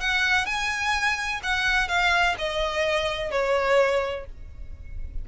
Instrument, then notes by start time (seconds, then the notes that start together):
violin
0.00 F#5
0.46 G#5
1.43 F#5
1.88 F5
2.38 D#5
3.31 C#5